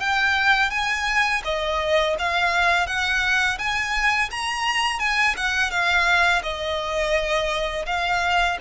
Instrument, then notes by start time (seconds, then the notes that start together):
violin
0.00 G5
0.70 G#5
1.44 D#5
2.19 F5
2.86 F#5
3.58 G#5
4.31 A#5
4.99 G#5
5.36 F#5
5.70 F5
6.43 D#5
7.86 F5